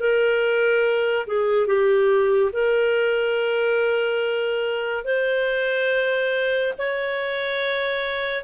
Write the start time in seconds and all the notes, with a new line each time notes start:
0.00 A#4
1.27 G#4
1.67 G4
2.53 A#4
5.05 C5
6.78 C#5